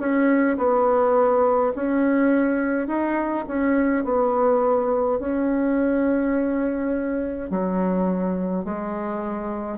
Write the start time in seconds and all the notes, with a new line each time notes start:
0.00 C#4
0.58 B3
1.76 C#4
2.88 D#4
3.48 C#4
4.04 B3
5.20 C#4
7.51 F#3
8.65 G#3